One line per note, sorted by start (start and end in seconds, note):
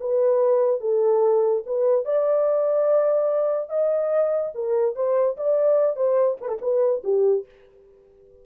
0.00 0.80 B4
0.80 1.63 A4
1.66 2.05 B4
2.05 3.69 D5
3.69 4.52 D#5
4.54 4.95 A#4
4.95 5.36 C5
5.37 5.96 D5
5.96 6.37 C5
6.41 6.48 B4
6.48 6.58 A4
6.61 7.02 B4
7.04 7.45 G4